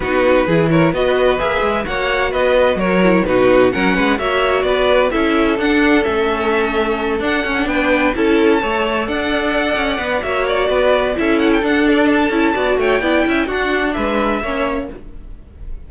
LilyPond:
<<
  \new Staff \with { instrumentName = "violin" } { \time 4/4 \tempo 4 = 129 b'4. cis''8 dis''4 e''4 | fis''4 dis''4 cis''4 b'4 | fis''4 e''4 d''4 e''4 | fis''4 e''2~ e''8 fis''8~ |
fis''8 g''4 a''2 fis''8~ | fis''2 e''8 d''4. | e''8 fis''16 g''16 fis''8 d''8 a''4. g''8~ | g''4 fis''4 e''2 | }
  \new Staff \with { instrumentName = "violin" } { \time 4/4 fis'4 gis'8 ais'8 b'2 | cis''4 b'4 ais'4 fis'4 | ais'8 b'8 cis''4 b'4 a'4~ | a'1~ |
a'8 b'4 a'4 cis''4 d''8~ | d''2 cis''4 b'4 | a'2. d''8 cis''8 | d''8 e''8 fis'4 b'4 cis''4 | }
  \new Staff \with { instrumentName = "viola" } { \time 4/4 dis'4 e'4 fis'4 gis'4 | fis'2~ fis'8 e'8 dis'4 | cis'4 fis'2 e'4 | d'4 cis'2~ cis'8 d'8 |
cis'16 d'4~ d'16 e'4 a'4.~ | a'4. b'8 fis'2 | e'4 d'4. e'8 fis'4 | e'4 d'2 cis'4 | }
  \new Staff \with { instrumentName = "cello" } { \time 4/4 b4 e4 b4 ais8 gis8 | ais4 b4 fis4 b,4 | fis8 gis8 ais4 b4 cis'4 | d'4 a2~ a8 d'8 |
cis'8 b4 cis'4 a4 d'8~ | d'4 cis'8 b8 ais4 b4 | cis'4 d'4. cis'8 b8 a8 | b8 cis'8 d'4 gis4 ais4 | }
>>